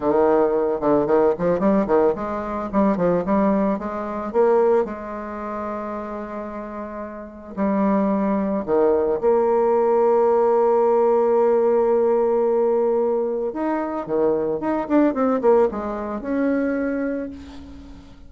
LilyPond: \new Staff \with { instrumentName = "bassoon" } { \time 4/4 \tempo 4 = 111 dis4. d8 dis8 f8 g8 dis8 | gis4 g8 f8 g4 gis4 | ais4 gis2.~ | gis2 g2 |
dis4 ais2.~ | ais1~ | ais4 dis'4 dis4 dis'8 d'8 | c'8 ais8 gis4 cis'2 | }